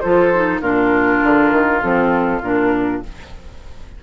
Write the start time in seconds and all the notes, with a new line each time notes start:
0.00 F3 F4 A4 C5
0.34 D#4
0.60 A#2 D4 F4 A#4
1.23 D3
1.51 D#3
1.81 F3 C4 A4
2.41 A#2 D4 A#4